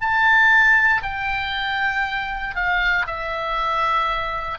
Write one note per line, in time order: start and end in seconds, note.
0.00 1.02 A5
1.03 2.55 G5
2.55 3.06 F5
3.06 4.58 E5